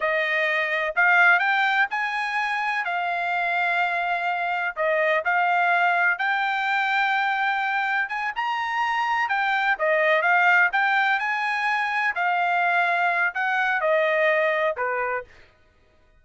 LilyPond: \new Staff \with { instrumentName = "trumpet" } { \time 4/4 \tempo 4 = 126 dis''2 f''4 g''4 | gis''2 f''2~ | f''2 dis''4 f''4~ | f''4 g''2.~ |
g''4 gis''8 ais''2 g''8~ | g''8 dis''4 f''4 g''4 gis''8~ | gis''4. f''2~ f''8 | fis''4 dis''2 b'4 | }